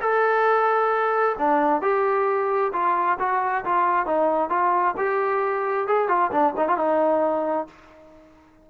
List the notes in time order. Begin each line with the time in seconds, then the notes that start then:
0.00 A4
1.38 D4
1.81 G4
2.73 F4
3.19 F#4
3.65 F4
4.06 D#4
4.49 F4
4.97 G4
5.87 G#4
6.08 F4
6.31 D4
6.56 D#4
6.68 F4
6.77 D#4